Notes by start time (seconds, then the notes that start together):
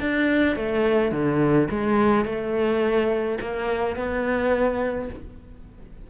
0.00 D4
0.56 A3
1.12 D3
1.71 G#3
2.25 A3
3.41 A#3
3.96 B3